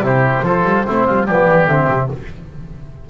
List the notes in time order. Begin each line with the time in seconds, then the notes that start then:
0.00 C3 E4 G4 C5
0.42 F3 F4 A4
0.64 G3
0.86 A3 C4 E4
1.06 G3 F4
1.26 F3 B3 G4 D5
1.47 E3
1.67 D3 C4 E5
1.89 C3